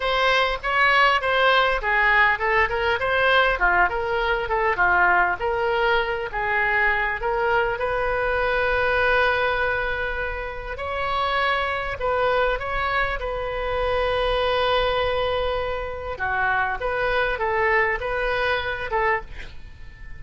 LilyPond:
\new Staff \with { instrumentName = "oboe" } { \time 4/4 \tempo 4 = 100 c''4 cis''4 c''4 gis'4 | a'8 ais'8 c''4 f'8 ais'4 a'8 | f'4 ais'4. gis'4. | ais'4 b'2.~ |
b'2 cis''2 | b'4 cis''4 b'2~ | b'2. fis'4 | b'4 a'4 b'4. a'8 | }